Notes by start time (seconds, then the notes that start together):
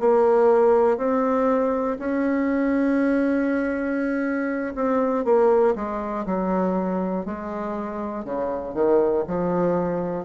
0.00 A#3
0.97 C4
1.99 C#4
4.75 C4
5.25 A#3
5.75 G#3
6.25 F#3
7.25 G#3
8.25 C#3
8.75 D#3
9.27 F3